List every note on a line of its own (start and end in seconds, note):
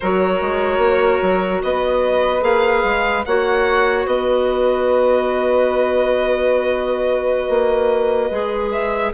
0.00 0.41 F#3
0.00 2.41 F#4
0.00 1.63 A#4
0.00 1.61 C#5
0.41 0.78 G#3
0.78 1.18 A#3
1.22 1.62 F#3
1.62 2.42 B3
1.62 3.26 B4
1.62 2.43 D#5
2.41 2.82 A#3
2.41 3.22 G#4
2.41 3.24 F5
2.84 3.24 G#3
3.25 4.06 A#3
3.25 8.31 F#4
3.25 4.06 C#5
3.25 4.06 F#5
4.06 7.49 B3
4.06 9.13 B4
4.06 8.71 D#5
7.49 8.30 A#3
8.31 9.12 G#3
8.31 9.12 G#4
8.71 9.12 E5